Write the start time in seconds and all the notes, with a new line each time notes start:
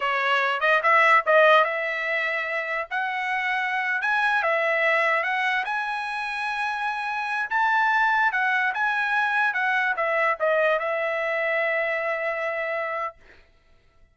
0.00 C#5
0.60 D#5
0.82 E5
1.26 D#5
1.64 E5
2.90 F#5
4.01 G#5
4.42 E5
5.23 F#5
5.64 G#5
7.49 A5
8.32 F#5
8.73 G#5
9.53 F#5
9.96 E5
10.39 D#5
10.79 E5